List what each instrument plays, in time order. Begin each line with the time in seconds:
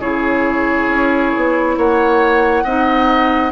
0.00 bassoon C#3, clarinet E4, oboe G#4, flute C#5
0.88 bassoon C#4
1.36 bassoon B3
1.77 bassoon A#3, oboe C#5, flute F#5
2.64 bassoon C4, clarinet D#4, oboe D#5